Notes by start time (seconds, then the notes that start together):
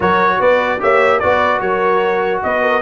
0.00 F#3 F#4 A#4 C#5
0.39 B3 B4 D5
0.79 A#3 G4 C#5 E5
1.19 B3 F#4 B4 D5
1.60 F#3 A#4 C#5
2.43 B3 B4 D#5
2.62 A#4